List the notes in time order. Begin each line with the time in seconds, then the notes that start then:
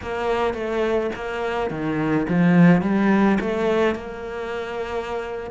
0.02 A#3
0.54 A3
1.15 A#3
1.70 D#3
2.28 F3
2.81 G3
3.40 A3
3.95 A#3